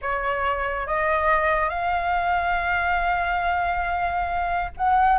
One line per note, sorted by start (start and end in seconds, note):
0.01 0.86 C#5
0.86 1.69 D#5
1.69 4.71 F5
4.77 5.18 F#5